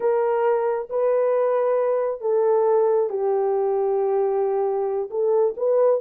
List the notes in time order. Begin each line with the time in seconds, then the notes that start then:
0.00 A#4
0.89 B4
2.20 A4
3.09 G4
5.10 A4
5.56 B4